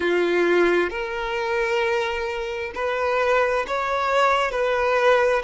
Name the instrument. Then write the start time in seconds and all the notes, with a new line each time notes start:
violin
0.00 F4
0.90 A#4
2.74 B4
3.67 C#5
4.51 B4